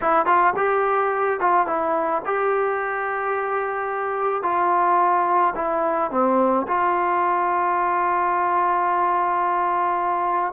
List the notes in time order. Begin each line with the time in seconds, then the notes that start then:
0.01 E4
0.26 F4
0.56 G4
1.40 F4
1.66 E4
2.25 G4
4.43 F4
5.55 E4
6.10 C4
6.67 F4